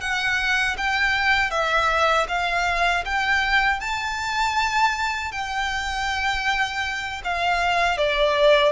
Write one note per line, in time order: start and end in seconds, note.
0.00 0.76 F#5
0.77 1.50 G5
1.50 2.26 E5
2.28 3.04 F5
3.04 3.80 G5
3.80 5.31 A5
5.31 7.21 G5
7.24 7.97 F5
7.97 8.72 D5